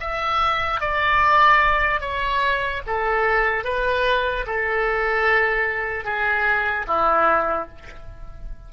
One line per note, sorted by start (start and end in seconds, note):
0.00 0.80 E5
0.80 2.00 D5
2.00 2.82 C#5
2.87 3.64 A4
3.64 4.45 B4
4.47 6.04 A4
6.04 6.86 G#4
6.87 7.68 E4